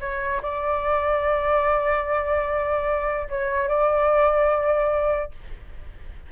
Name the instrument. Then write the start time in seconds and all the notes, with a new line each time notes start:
flute
0.00 C#5
0.42 D5
3.29 C#5
3.68 D5